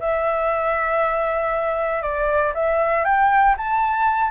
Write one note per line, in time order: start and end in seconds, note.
0.00 2.02 E5
2.02 2.53 D5
2.54 3.05 E5
3.05 3.56 G5
3.58 4.31 A5